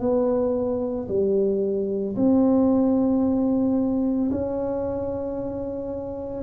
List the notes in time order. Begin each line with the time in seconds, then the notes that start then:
0.00 B3
1.09 G3
2.16 C4
4.31 C#4